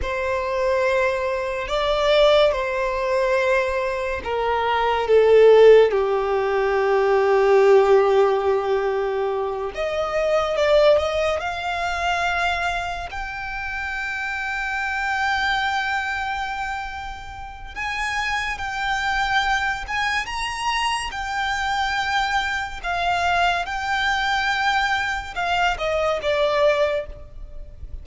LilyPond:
\new Staff \with { instrumentName = "violin" } { \time 4/4 \tempo 4 = 71 c''2 d''4 c''4~ | c''4 ais'4 a'4 g'4~ | g'2.~ g'8 dis''8~ | dis''8 d''8 dis''8 f''2 g''8~ |
g''1~ | g''4 gis''4 g''4. gis''8 | ais''4 g''2 f''4 | g''2 f''8 dis''8 d''4 | }